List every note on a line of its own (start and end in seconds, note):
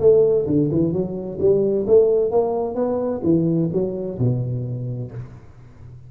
0.00 0.46 A3
0.47 0.70 D3
0.72 0.93 E3
0.93 1.39 F#3
1.40 1.86 G3
1.88 2.31 A3
2.31 2.75 A#3
2.75 3.21 B3
3.24 3.70 E3
3.73 4.19 F#3
4.19 5.11 B2